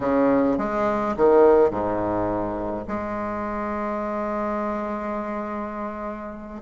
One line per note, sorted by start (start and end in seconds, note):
0.00 0.57 C#3
0.58 1.15 G#3
1.16 1.70 D#3
1.70 2.86 G#2
2.87 6.61 G#3